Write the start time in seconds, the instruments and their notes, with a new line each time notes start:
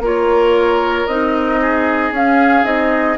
0.00 bassoon A#3, clarinet F4, oboe A#4
0.07 flute C#5
1.07 bassoon C4, clarinet D#4, flute D#5
1.61 oboe G#4
2.11 bassoon C#4, clarinet C#4, flute F5
2.64 bassoon C4, clarinet D#4, flute D#5